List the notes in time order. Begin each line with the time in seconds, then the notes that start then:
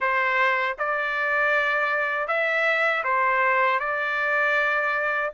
0.00 C5
0.78 D5
2.28 E5
3.03 C5
3.79 D5